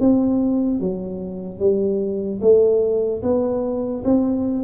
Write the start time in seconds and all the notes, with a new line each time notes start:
0.00 C4
0.80 F#3
1.59 G3
2.41 A3
3.22 B3
4.04 C4